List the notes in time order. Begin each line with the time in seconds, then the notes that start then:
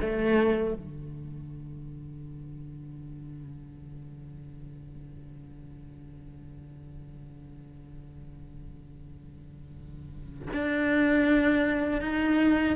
0.00 A3
0.74 D3
10.53 D4
12.01 D#4